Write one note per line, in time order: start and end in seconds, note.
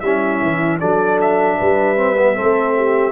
0.00 0.41 G3
0.00 0.81 C#4
0.00 0.79 E4
0.00 0.78 E5
0.42 0.81 E3
0.79 1.60 F#3
0.79 1.96 D4
0.79 1.57 A4
0.79 1.19 D5
1.21 3.12 E5
1.58 2.39 G3
1.58 2.35 B4
1.96 2.16 C4
2.18 2.35 B3
2.35 3.12 A3
2.35 3.12 C4
2.35 2.74 A4
2.77 3.12 G4